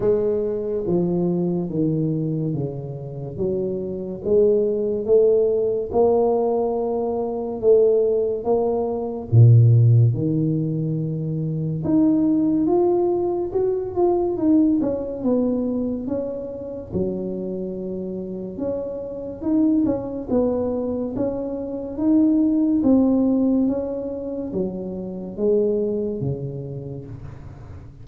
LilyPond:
\new Staff \with { instrumentName = "tuba" } { \time 4/4 \tempo 4 = 71 gis4 f4 dis4 cis4 | fis4 gis4 a4 ais4~ | ais4 a4 ais4 ais,4 | dis2 dis'4 f'4 |
fis'8 f'8 dis'8 cis'8 b4 cis'4 | fis2 cis'4 dis'8 cis'8 | b4 cis'4 dis'4 c'4 | cis'4 fis4 gis4 cis4 | }